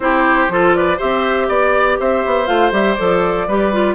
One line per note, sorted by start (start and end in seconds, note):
0.00 0.47 C4
0.00 0.50 E4
0.00 0.52 G4
0.00 0.74 C5
0.48 0.98 F3
0.48 0.98 F4
0.48 0.76 A4
0.74 0.97 B4
0.74 0.99 D5
0.97 1.48 C4
0.97 2.46 G4
0.97 1.46 C5
0.97 1.49 E5
1.48 1.98 B3
1.48 1.98 D5
1.48 1.99 D5
1.99 2.24 C4
1.99 3.47 C5
1.99 2.46 E5
2.25 2.48 B3
2.46 2.71 A3
2.46 2.71 F4
2.46 2.71 F5
2.71 2.96 G3
2.71 2.96 G4
2.71 2.94 E5
2.94 3.47 F3
2.94 3.47 A4
2.94 3.93 D5
3.47 3.95 G3
3.47 3.72 G4
3.47 3.95 B4
3.72 3.95 F4